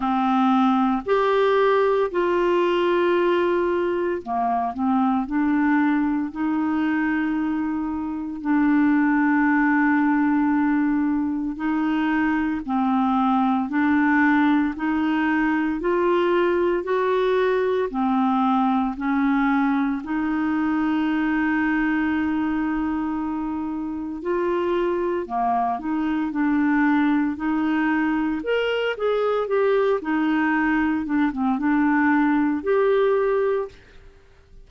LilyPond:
\new Staff \with { instrumentName = "clarinet" } { \time 4/4 \tempo 4 = 57 c'4 g'4 f'2 | ais8 c'8 d'4 dis'2 | d'2. dis'4 | c'4 d'4 dis'4 f'4 |
fis'4 c'4 cis'4 dis'4~ | dis'2. f'4 | ais8 dis'8 d'4 dis'4 ais'8 gis'8 | g'8 dis'4 d'16 c'16 d'4 g'4 | }